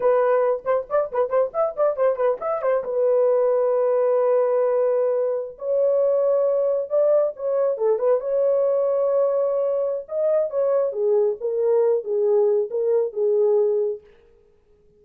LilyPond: \new Staff \with { instrumentName = "horn" } { \time 4/4 \tempo 4 = 137 b'4. c''8 d''8 b'8 c''8 e''8 | d''8 c''8 b'8 e''8 c''8 b'4.~ | b'1~ | b'8. cis''2. d''16~ |
d''8. cis''4 a'8 b'8 cis''4~ cis''16~ | cis''2. dis''4 | cis''4 gis'4 ais'4. gis'8~ | gis'4 ais'4 gis'2 | }